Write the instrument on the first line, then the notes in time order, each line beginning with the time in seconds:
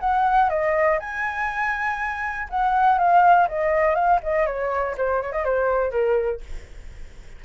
flute
0.00 F#5
0.50 D#5
1.00 G#5
2.50 F#5
2.99 F5
3.48 D#5
3.95 F5
4.23 D#5
4.47 C#5
4.98 C5
5.22 C#5
5.32 D#5
5.45 C5
5.91 A#4